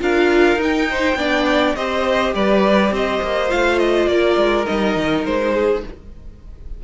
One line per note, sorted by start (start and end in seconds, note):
0.00 0.56 D4
0.00 0.58 F4
0.00 0.89 A#4
0.00 0.61 F5
0.56 1.14 D#4
0.56 1.17 D#4
0.63 1.75 G5
0.90 1.18 C5
1.15 1.73 B3
1.15 1.76 D4
1.15 1.76 D5
1.75 2.34 C4
1.75 3.49 G4
1.75 2.34 C5
1.75 2.33 D#5
2.34 2.91 G3
2.34 2.93 B4
2.34 2.93 D5
2.91 3.20 C4
2.91 4.10 C5
2.91 3.51 D#5
3.22 3.51 A#3
3.49 4.07 A3
3.49 4.65 F4
3.49 3.79 F5
3.79 4.07 D#5
4.07 4.36 A#3
4.07 5.54 A#4
4.07 4.66 D5
4.37 4.66 G#3
4.66 4.96 G3
4.66 5.82 D#4
4.66 5.24 D#5
4.96 5.25 D#3
5.25 5.83 G#3
5.25 5.84 C5
5.54 5.83 G#4